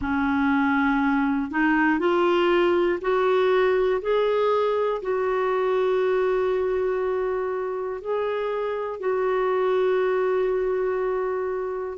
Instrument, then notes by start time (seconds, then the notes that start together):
clarinet
0.00 C#4
1.50 D#4
1.99 F4
3.01 F#4
4.01 G#4
5.02 F#4
8.00 G#4
9.00 F#4